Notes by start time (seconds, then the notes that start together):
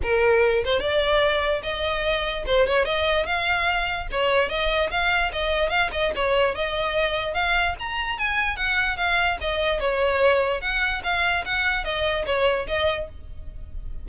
0.03 A#4
0.64 C5
0.79 D5
1.63 D#5
2.46 C5
2.66 C#5
2.85 D#5
3.26 F5
4.11 C#5
4.49 D#5
4.90 F5
5.32 D#5
5.69 F5
5.92 D#5
6.15 C#5
6.55 D#5
7.34 F5
7.79 A#5
8.18 G#5
8.56 F#5
8.96 F5
9.40 D#5
9.80 C#5
10.61 F#5
11.03 F5
11.45 F#5
11.84 D#5
12.26 C#5
12.67 D#5